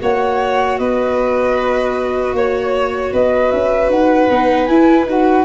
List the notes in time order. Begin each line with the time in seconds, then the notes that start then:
0.00 A#3 F#4 C#5 F#5
0.78 B3 B4 D#5
2.33 A#3 C#5
3.13 B3 B4 D#5
3.51 C#4 E5
3.89 D#4 F#5
4.31 B3 D#4
4.65 E4 G#5
5.05 D#4 F#4 F#5